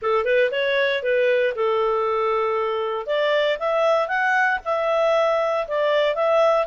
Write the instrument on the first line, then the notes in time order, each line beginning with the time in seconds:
clarinet
0.01 A4
0.24 B4
0.51 C#5
1.03 B4
1.55 A4
3.06 D5
3.59 E5
4.08 F#5
4.64 E5
5.67 D5
6.15 E5